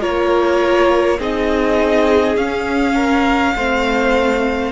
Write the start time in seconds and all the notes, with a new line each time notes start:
0.00 A#3 F4 A#4 C#5
1.18 C4 D#4 G#4 D#5
2.37 C#4 F5
2.94 A#4
3.55 A3 C4 C5